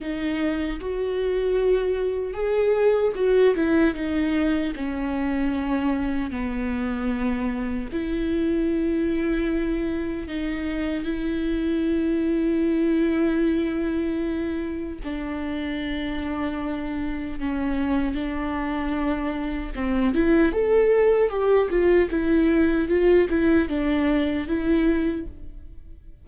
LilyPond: \new Staff \with { instrumentName = "viola" } { \time 4/4 \tempo 4 = 76 dis'4 fis'2 gis'4 | fis'8 e'8 dis'4 cis'2 | b2 e'2~ | e'4 dis'4 e'2~ |
e'2. d'4~ | d'2 cis'4 d'4~ | d'4 c'8 e'8 a'4 g'8 f'8 | e'4 f'8 e'8 d'4 e'4 | }